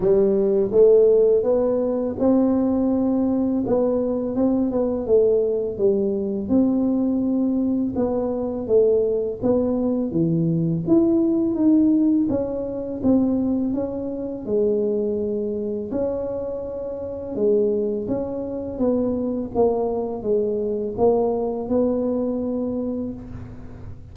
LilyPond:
\new Staff \with { instrumentName = "tuba" } { \time 4/4 \tempo 4 = 83 g4 a4 b4 c'4~ | c'4 b4 c'8 b8 a4 | g4 c'2 b4 | a4 b4 e4 e'4 |
dis'4 cis'4 c'4 cis'4 | gis2 cis'2 | gis4 cis'4 b4 ais4 | gis4 ais4 b2 | }